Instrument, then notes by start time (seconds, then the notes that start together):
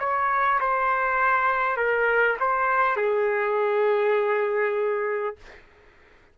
trumpet
0.00 C#5
0.61 C5
1.77 A#4
2.41 C5
2.97 G#4